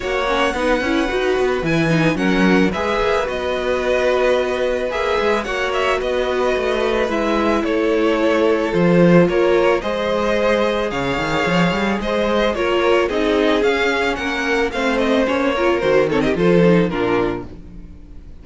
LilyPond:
<<
  \new Staff \with { instrumentName = "violin" } { \time 4/4 \tempo 4 = 110 fis''2. gis''4 | fis''4 e''4 dis''2~ | dis''4 e''4 fis''8 e''8 dis''4~ | dis''4 e''4 cis''2 |
c''4 cis''4 dis''2 | f''2 dis''4 cis''4 | dis''4 f''4 fis''4 f''8 dis''8 | cis''4 c''8 cis''16 dis''16 c''4 ais'4 | }
  \new Staff \with { instrumentName = "violin" } { \time 4/4 cis''4 b'2. | ais'4 b'2.~ | b'2 cis''4 b'4~ | b'2 a'2~ |
a'4 ais'4 c''2 | cis''2 c''4 ais'4 | gis'2 ais'4 c''4~ | c''8 ais'4 a'16 g'16 a'4 f'4 | }
  \new Staff \with { instrumentName = "viola" } { \time 4/4 fis'8 cis'8 dis'8 e'8 fis'4 e'8 dis'8 | cis'4 gis'4 fis'2~ | fis'4 gis'4 fis'2~ | fis'4 e'2. |
f'2 gis'2~ | gis'2. f'4 | dis'4 cis'2 c'4 | cis'8 f'8 fis'8 c'8 f'8 dis'8 d'4 | }
  \new Staff \with { instrumentName = "cello" } { \time 4/4 ais4 b8 cis'8 dis'8 b8 e4 | fis4 gis8 ais8 b2~ | b4 ais8 gis8 ais4 b4 | a4 gis4 a2 |
f4 ais4 gis2 | cis8 dis8 f8 g8 gis4 ais4 | c'4 cis'4 ais4 a4 | ais4 dis4 f4 ais,4 | }
>>